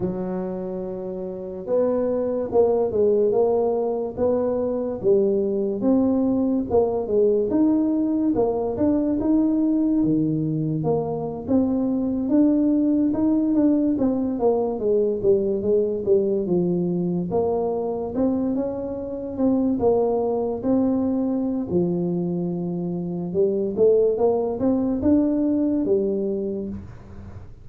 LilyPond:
\new Staff \with { instrumentName = "tuba" } { \time 4/4 \tempo 4 = 72 fis2 b4 ais8 gis8 | ais4 b4 g4 c'4 | ais8 gis8 dis'4 ais8 d'8 dis'4 | dis4 ais8. c'4 d'4 dis'16~ |
dis'16 d'8 c'8 ais8 gis8 g8 gis8 g8 f16~ | f8. ais4 c'8 cis'4 c'8 ais16~ | ais8. c'4~ c'16 f2 | g8 a8 ais8 c'8 d'4 g4 | }